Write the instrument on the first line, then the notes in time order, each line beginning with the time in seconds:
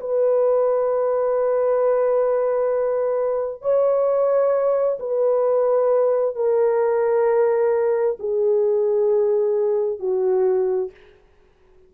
horn
0.00 B4
3.62 C#5
4.99 B4
6.35 A#4
8.19 G#4
9.99 F#4